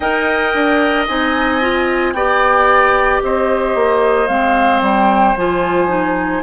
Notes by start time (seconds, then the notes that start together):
0.00 D#4 A#4 D#5 G5
0.54 D4
1.07 C4 D#4 G#5
1.61 F4
2.13 B3 G4 D5 G5
3.22 C4 C5 D#5
3.74 A#3
4.27 G#3 C4 F5
4.81 G3 G5
5.36 F3 F4 G#5
5.87 D#4